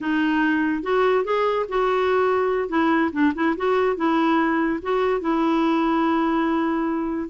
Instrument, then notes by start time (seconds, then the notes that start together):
clarinet
0.00 D#4
0.82 F#4
1.24 G#4
1.68 F#4
2.69 E4
3.12 D4
3.34 E4
3.56 F#4
3.96 E4
4.82 F#4
5.21 E4